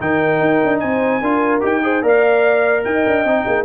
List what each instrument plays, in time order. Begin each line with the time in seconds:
0.00 tuba D#3, trombone D#4, horn A#4, trumpet G5
0.40 tuba D#4
0.64 tuba D4
0.79 tuba C4, horn C5, trumpet G#5
1.20 tuba D4, trombone F4, horn A#4
1.60 tuba D#4, trombone G4, trumpet G5
1.83 trombone G#4, horn C5
2.02 tuba A#3, trombone A#4, horn D5, trumpet F5
2.84 tuba D#4, horn D#5, trumpet G5
3.07 tuba D4
3.24 tuba C4, trombone D#4
3.46 tuba A#3, horn G#4